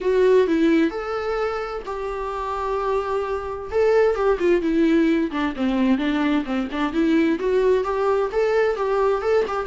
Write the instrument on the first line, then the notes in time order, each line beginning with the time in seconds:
viola
0.01 F#4
0.47 E4
0.90 A4
1.85 G4
3.71 A4
4.15 G4
4.39 F4
4.61 E4
5.31 D4
5.56 C4
5.98 D4
6.45 C4
6.71 D4
6.92 E4
7.39 F#4
7.84 G4
8.32 A4
8.76 G4
9.22 A4
9.47 G4